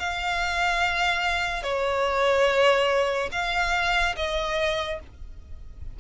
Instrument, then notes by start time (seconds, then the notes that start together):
violin
0.00 F5
1.63 C#5
3.32 F5
4.17 D#5